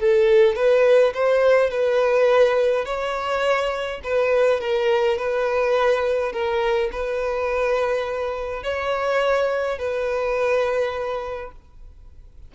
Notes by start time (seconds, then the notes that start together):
0.00 A4
0.56 B4
1.14 C5
1.71 B4
2.86 C#5
4.04 B4
4.61 A#4
5.18 B4
6.33 A#4
6.92 B4
8.64 C#5
9.79 B4